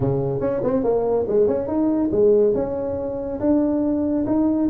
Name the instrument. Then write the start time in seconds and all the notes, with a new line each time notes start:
tuba
0.00 C#3
0.40 C#4
0.63 C4
0.83 A#3
1.27 G#3
1.47 C#4
1.67 D#4
2.11 G#3
2.54 C#4
3.40 D4
4.26 D#4